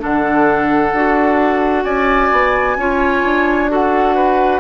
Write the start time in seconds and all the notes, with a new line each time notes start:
0.00 D3 D4 A4 F#5
0.93 D4 F#4
1.84 C#4 D5 G#5
2.32 B3
2.77 C#4 F4 C#5
3.24 D4
3.70 F#4 A4 F#5
4.15 B4